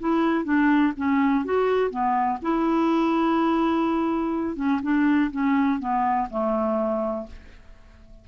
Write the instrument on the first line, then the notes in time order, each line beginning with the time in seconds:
clarinet
0.00 E4
0.45 D4
0.97 C#4
1.45 F#4
1.90 B3
2.42 E4
4.57 C#4
4.83 D4
5.32 C#4
5.80 B3
6.31 A3